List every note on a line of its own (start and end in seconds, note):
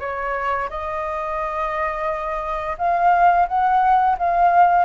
0.00 0.69 C#5
0.70 2.76 D#5
2.78 3.47 F5
3.48 4.17 F#5
4.18 4.85 F5